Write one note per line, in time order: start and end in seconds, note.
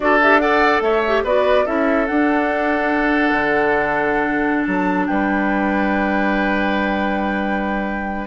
0.00 0.81 D4
0.00 0.19 F#4
0.00 0.41 A4
0.00 0.19 D5
0.22 0.40 G4
0.22 0.39 E5
0.39 1.02 A4
0.39 0.82 D5
0.39 0.81 F#5
0.81 1.22 A3
0.81 1.23 C#5
0.81 1.23 E5
1.07 1.26 G4
1.23 1.65 B3
1.23 1.65 F#4
1.23 1.64 B4
1.23 1.66 D5
1.65 2.08 C#4
1.65 2.06 E4
1.65 5.06 A4
1.65 2.06 E5
2.06 8.27 D4
2.06 3.31 D4
2.06 4.63 F#5
3.31 4.66 D3
4.63 5.08 F#3
4.63 5.04 A5
5.06 8.27 G3
5.06 8.27 B4
5.06 8.27 G5